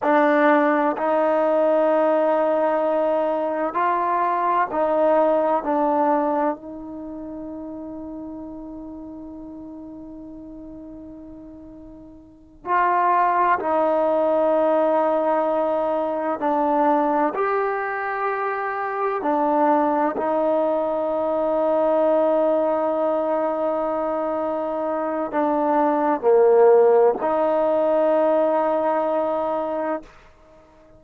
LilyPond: \new Staff \with { instrumentName = "trombone" } { \time 4/4 \tempo 4 = 64 d'4 dis'2. | f'4 dis'4 d'4 dis'4~ | dis'1~ | dis'4. f'4 dis'4.~ |
dis'4. d'4 g'4.~ | g'8 d'4 dis'2~ dis'8~ | dis'2. d'4 | ais4 dis'2. | }